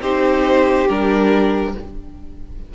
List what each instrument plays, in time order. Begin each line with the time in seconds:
0.00 cello C4, viola D#4, violin G4 C5
0.89 cello G3, viola D4, violin A#4